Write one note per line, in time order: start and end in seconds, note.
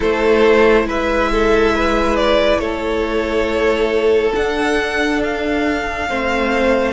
0.00 0.84 A3
0.00 4.35 E4
0.00 0.83 A4
0.00 0.88 C5
0.84 2.58 G#3
0.84 1.31 B4
0.84 2.16 E5
1.31 1.74 A4
1.74 2.60 B4
2.16 2.59 D5
2.59 4.32 A3
2.59 6.08 A4
2.59 4.32 C#5
4.35 6.09 D4
4.35 5.22 F#5
5.23 6.93 F5
6.09 6.93 A3
6.09 6.93 C4
6.09 6.93 C5